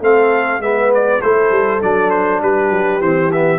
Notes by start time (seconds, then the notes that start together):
0.00 A3 C4 A4 F5
0.59 G#3 B3 B4 E5
0.94 D5
1.21 A3 E4 A4 C5
1.50 G3
1.80 F#3 D4 D5
2.10 C5
2.41 G3 G4 B4
2.70 F#3
3.00 E3 C4 C5
3.31 B3 E5